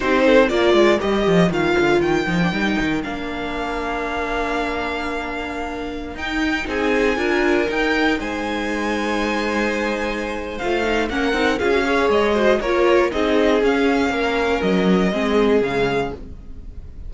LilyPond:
<<
  \new Staff \with { instrumentName = "violin" } { \time 4/4 \tempo 4 = 119 c''4 d''4 dis''4 f''4 | g''2 f''2~ | f''1~ | f''16 g''4 gis''2 g''8.~ |
g''16 gis''2.~ gis''8.~ | gis''4 f''4 fis''4 f''4 | dis''4 cis''4 dis''4 f''4~ | f''4 dis''2 f''4 | }
  \new Staff \with { instrumentName = "violin" } { \time 4/4 g'8 a'8 ais'2.~ | ais'1~ | ais'1~ | ais'4~ ais'16 gis'4 ais'4.~ ais'16~ |
ais'16 c''2.~ c''8.~ | c''2 ais'4 gis'8 cis''8~ | cis''8 c''8 ais'4 gis'2 | ais'2 gis'2 | }
  \new Staff \with { instrumentName = "viola" } { \time 4/4 dis'4 f'4 g'4 f'4~ | f'8 dis'16 d'16 dis'4 d'2~ | d'1~ | d'16 dis'2 f'4 dis'8.~ |
dis'1~ | dis'4 f'8 dis'8 cis'8 dis'8 f'16 fis'16 gis'8~ | gis'8 fis'8 f'4 dis'4 cis'4~ | cis'2 c'4 gis4 | }
  \new Staff \with { instrumentName = "cello" } { \time 4/4 c'4 ais8 gis8 g8 f8 dis8 d8 | dis8 f8 g8 dis8 ais2~ | ais1~ | ais16 dis'4 c'4 d'4 dis'8.~ |
dis'16 gis2.~ gis8.~ | gis4 a4 ais8 c'8 cis'4 | gis4 ais4 c'4 cis'4 | ais4 fis4 gis4 cis4 | }
>>